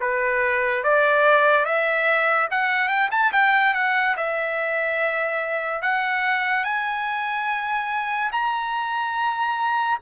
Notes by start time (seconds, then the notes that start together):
0.00 B4
0.83 D5
1.65 E5
2.50 F#5
2.88 G5
3.11 A5
3.32 G5
3.74 F#5
4.17 E5
5.82 F#5
6.64 G#5
8.32 A#5